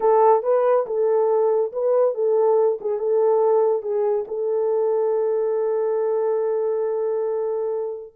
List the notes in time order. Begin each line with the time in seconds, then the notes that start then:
0.00 A4
0.43 B4
0.86 A4
1.72 B4
2.14 A4
2.80 G#4
2.98 A4
3.82 G#4
4.27 A4